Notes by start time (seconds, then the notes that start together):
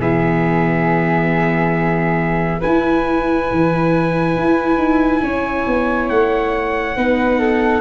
0.00 E3 B3 G#4 E5
2.59 E4 B4 G#5
3.52 E3
4.37 E4
4.77 D#4
5.23 C#4 C#5
5.67 B3
6.09 A3 F#5
6.96 B3 D#4 B4
7.39 A4